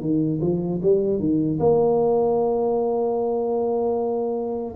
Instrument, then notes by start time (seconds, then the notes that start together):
tuba
0.00 D#3
0.41 F3
0.82 G3
1.19 D#3
1.59 A#3